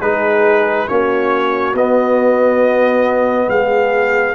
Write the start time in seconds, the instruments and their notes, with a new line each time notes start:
0.00 tuba G#3, trombone D#4, horn G#4, trumpet B4
0.88 tuba A#3, trombone C#4, horn F#4, trumpet C#5
1.74 tuba B3, trombone B3, trumpet D#5
3.48 tuba G#3, horn G#4, trumpet F5